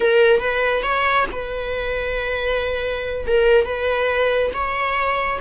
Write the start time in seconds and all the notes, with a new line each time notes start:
0.00 A#4
0.40 B4
0.82 C#5
1.31 B4
3.26 A#4
3.65 B4
4.53 C#5